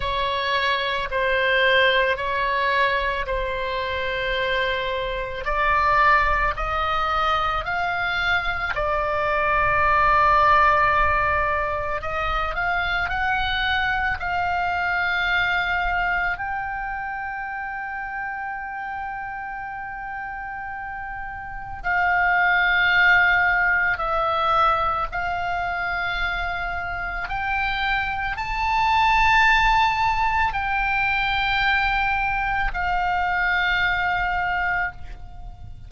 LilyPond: \new Staff \with { instrumentName = "oboe" } { \time 4/4 \tempo 4 = 55 cis''4 c''4 cis''4 c''4~ | c''4 d''4 dis''4 f''4 | d''2. dis''8 f''8 | fis''4 f''2 g''4~ |
g''1 | f''2 e''4 f''4~ | f''4 g''4 a''2 | g''2 f''2 | }